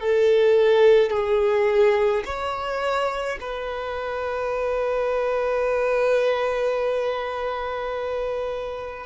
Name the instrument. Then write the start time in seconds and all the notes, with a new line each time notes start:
violin
0.00 A4
1.10 G#4
2.25 C#5
3.40 B4